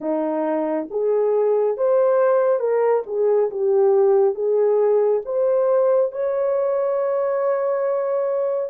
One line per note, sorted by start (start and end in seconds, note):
0.00 0.87 D#4
0.90 1.77 G#4
1.77 2.59 C5
2.59 3.02 A#4
3.06 3.49 G#4
3.50 4.34 G4
4.34 5.21 G#4
5.25 6.11 C5
6.11 8.70 C#5